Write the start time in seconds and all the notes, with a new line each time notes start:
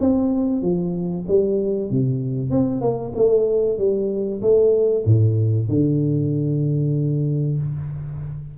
0.00 C4
0.62 F3
1.28 G3
1.91 C3
2.51 C4
2.81 A#3
3.15 A3
3.78 G3
4.42 A3
5.05 A2
5.68 D3